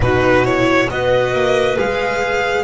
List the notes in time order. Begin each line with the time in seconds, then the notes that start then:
0.00 B2 D#4 F#4 B4
0.44 E4 C#5
0.88 B3 F#4 B4 D#5
1.33 A#3
1.77 G#3 G#4 F5